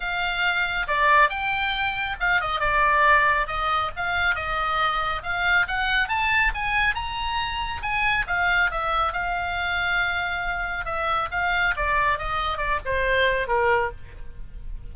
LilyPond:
\new Staff \with { instrumentName = "oboe" } { \time 4/4 \tempo 4 = 138 f''2 d''4 g''4~ | g''4 f''8 dis''8 d''2 | dis''4 f''4 dis''2 | f''4 fis''4 a''4 gis''4 |
ais''2 gis''4 f''4 | e''4 f''2.~ | f''4 e''4 f''4 d''4 | dis''4 d''8 c''4. ais'4 | }